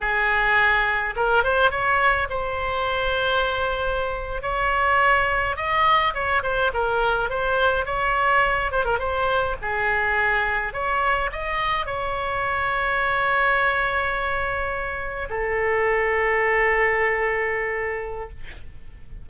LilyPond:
\new Staff \with { instrumentName = "oboe" } { \time 4/4 \tempo 4 = 105 gis'2 ais'8 c''8 cis''4 | c''2.~ c''8. cis''16~ | cis''4.~ cis''16 dis''4 cis''8 c''8 ais'16~ | ais'8. c''4 cis''4. c''16 ais'16 c''16~ |
c''8. gis'2 cis''4 dis''16~ | dis''8. cis''2.~ cis''16~ | cis''2~ cis''8. a'4~ a'16~ | a'1 | }